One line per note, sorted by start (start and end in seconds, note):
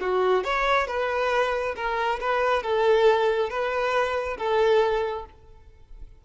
0.00 0.44 F#4
0.44 0.87 C#5
0.87 1.74 B4
1.76 2.19 A#4
2.20 2.62 B4
2.62 3.49 A4
3.49 4.37 B4
4.37 5.25 A4